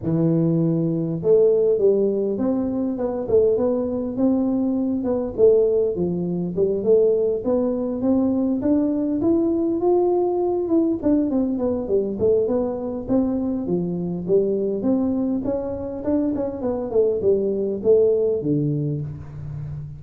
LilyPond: \new Staff \with { instrumentName = "tuba" } { \time 4/4 \tempo 4 = 101 e2 a4 g4 | c'4 b8 a8 b4 c'4~ | c'8 b8 a4 f4 g8 a8~ | a8 b4 c'4 d'4 e'8~ |
e'8 f'4. e'8 d'8 c'8 b8 | g8 a8 b4 c'4 f4 | g4 c'4 cis'4 d'8 cis'8 | b8 a8 g4 a4 d4 | }